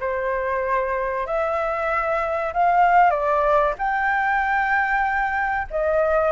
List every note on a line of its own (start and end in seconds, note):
0.00 1.26 C5
1.26 2.52 E5
2.53 3.10 F5
3.10 3.73 D5
3.78 5.68 G5
5.70 6.31 D#5